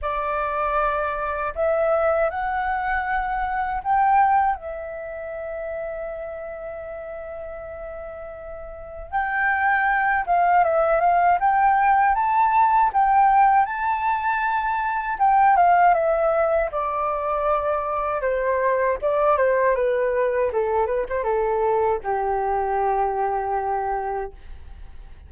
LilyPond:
\new Staff \with { instrumentName = "flute" } { \time 4/4 \tempo 4 = 79 d''2 e''4 fis''4~ | fis''4 g''4 e''2~ | e''1 | g''4. f''8 e''8 f''8 g''4 |
a''4 g''4 a''2 | g''8 f''8 e''4 d''2 | c''4 d''8 c''8 b'4 a'8 b'16 c''16 | a'4 g'2. | }